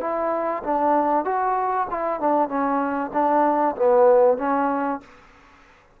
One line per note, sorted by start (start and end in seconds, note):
0.00 0.62 E4
0.63 1.24 D4
1.24 1.87 F#4
1.90 2.20 E4
2.20 2.48 D4
2.48 3.11 C#4
3.12 3.75 D4
3.76 4.38 B3
4.38 5.00 C#4